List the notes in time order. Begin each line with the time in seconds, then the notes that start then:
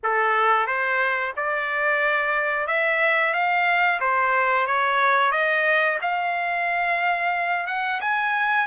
0.03 A4
0.67 C5
1.36 D5
2.67 E5
3.33 F5
4.00 C5
4.66 C#5
5.31 D#5
6.01 F5
7.67 F#5
8.00 G#5